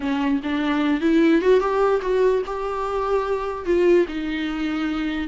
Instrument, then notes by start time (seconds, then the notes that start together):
viola
0.00 C#4
0.43 D4
1.01 E4
1.41 F#4
1.60 G4
2.01 F#4
2.46 G4
3.65 F4
4.07 D#4